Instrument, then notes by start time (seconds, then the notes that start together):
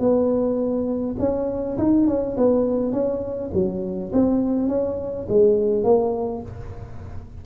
tuba
0.00 B3
1.20 C#4
1.78 D#4
2.08 C#4
2.38 B3
2.93 C#4
3.54 F#3
4.13 C4
4.69 C#4
5.29 G#3
5.84 A#3